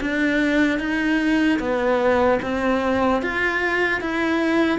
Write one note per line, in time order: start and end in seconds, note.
0.00 0.79 D4
0.79 1.59 D#4
1.59 2.39 B3
2.42 3.22 C4
3.22 4.01 F4
4.01 4.79 E4